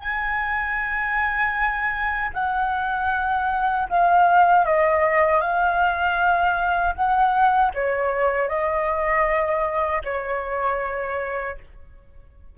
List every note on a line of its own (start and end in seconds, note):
0.00 2.31 G#5
2.34 3.88 F#5
3.89 4.66 F5
4.66 5.41 D#5
5.41 6.95 F5
6.95 7.72 F#5
7.75 8.49 C#5
8.49 10.03 D#5
10.05 11.58 C#5